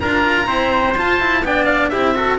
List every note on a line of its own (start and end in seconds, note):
0.00 0.47 D4
0.00 0.47 F4
0.00 0.46 A#4
0.00 0.96 A#5
0.46 0.95 C4
0.46 0.95 E4
0.46 1.42 C5
0.96 1.42 F4
0.96 1.20 F4
0.96 1.45 A5
1.20 1.44 E4
1.42 1.90 B3
1.42 1.92 D4
1.42 1.91 D5
1.42 1.64 G5
1.64 1.88 F5
1.89 2.38 C4
1.89 2.14 E4
1.89 2.15 G4
1.89 2.37 E5
2.14 2.38 F#4
2.14 2.38 A4